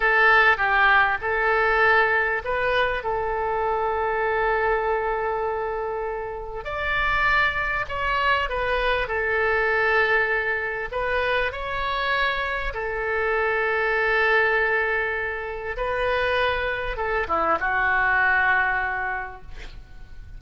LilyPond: \new Staff \with { instrumentName = "oboe" } { \time 4/4 \tempo 4 = 99 a'4 g'4 a'2 | b'4 a'2.~ | a'2. d''4~ | d''4 cis''4 b'4 a'4~ |
a'2 b'4 cis''4~ | cis''4 a'2.~ | a'2 b'2 | a'8 e'8 fis'2. | }